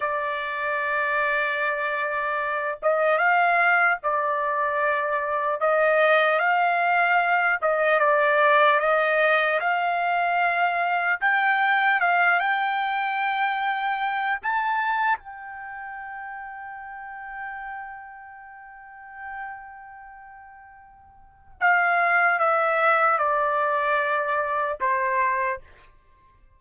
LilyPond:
\new Staff \with { instrumentName = "trumpet" } { \time 4/4 \tempo 4 = 75 d''2.~ d''8 dis''8 | f''4 d''2 dis''4 | f''4. dis''8 d''4 dis''4 | f''2 g''4 f''8 g''8~ |
g''2 a''4 g''4~ | g''1~ | g''2. f''4 | e''4 d''2 c''4 | }